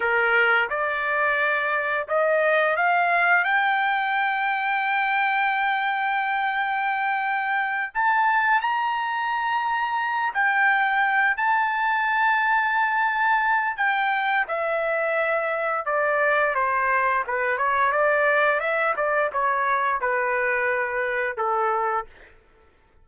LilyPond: \new Staff \with { instrumentName = "trumpet" } { \time 4/4 \tempo 4 = 87 ais'4 d''2 dis''4 | f''4 g''2.~ | g''2.~ g''8 a''8~ | a''8 ais''2~ ais''8 g''4~ |
g''8 a''2.~ a''8 | g''4 e''2 d''4 | c''4 b'8 cis''8 d''4 e''8 d''8 | cis''4 b'2 a'4 | }